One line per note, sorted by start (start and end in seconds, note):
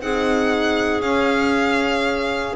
0.00 1.00 C4
0.00 1.03 D#4
0.00 2.56 G#4
0.00 1.01 F#5
1.00 2.54 C#4
1.00 2.56 C#4
1.00 2.55 F5